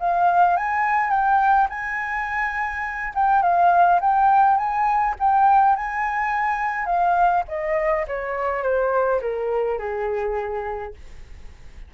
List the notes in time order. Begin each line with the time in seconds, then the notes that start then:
0.00 F5
0.57 G#5
1.10 G5
1.69 G#5
3.15 G5
3.42 F5
4.01 G5
4.58 G#5
5.20 G5
5.76 G#5
6.86 F5
7.48 D#5
8.08 C#5
8.63 C5
9.22 A#4
9.79 G#4